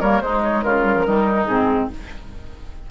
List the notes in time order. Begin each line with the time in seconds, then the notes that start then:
0.00 G3 A#3 A#4 C#5
0.20 G#3 D#4 C5
0.43 C#5
0.62 C#3 F4 A#4
0.83 G3
0.94 F3
1.04 D#3 G3 D#4
1.45 G#2 C4 G#4